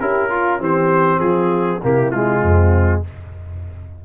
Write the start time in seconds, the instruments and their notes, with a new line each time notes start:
0.00 tuba C#4, trombone E4, horn G4, trumpet A#4
0.29 trombone F4, horn F4
0.59 tuba E3, trombone C4, horn G4, trumpet C5
1.19 tuba F3, horn F4, trumpet G#4
1.82 tuba C3, trombone A#3, horn E4, trumpet G4
2.11 trombone G#3, trumpet F4
2.41 tuba F2, horn C4